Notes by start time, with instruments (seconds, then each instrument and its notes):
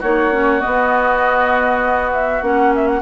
0.00 bassoon A#3, clarinet D#4, oboe F#4, flute C#5
0.32 clarinet C#4
0.60 clarinet B3, bassoon B3, flute D#5
2.13 flute E5
2.42 bassoon A#3, clarinet C#4, flute F#5
2.75 flute E5
2.87 flute F#5